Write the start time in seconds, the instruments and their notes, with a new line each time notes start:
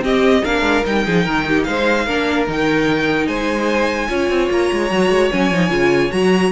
0.00 viola C4, cello C4, violin G4 D#5
0.43 cello A#3, viola D4, violin A#4 F5
0.61 cello G#3
0.84 cello G3, viola D#4, violin G5
1.05 cello F3, violin G#4
1.24 cello D#3, violin A#4
1.48 violin G4
1.63 cello G#3, violin C5 F5
2.05 cello A#3, viola D4, violin A#4
2.47 cello D#3, viola D#4, violin G5
3.26 cello G#3, violin C5 G#5
4.08 cello C#4, viola F4, violin C#5
4.29 cello C4
4.50 cello A#3, violin A#5
4.72 cello G#3
4.90 cello F#3, viola F#4
5.09 cello G#3
5.31 cello F#3, viola C#4, violin G#5
5.51 cello F3, viola D#4
5.69 cello C#3, viola F4
6.11 cello F#3, viola F#4, violin A#5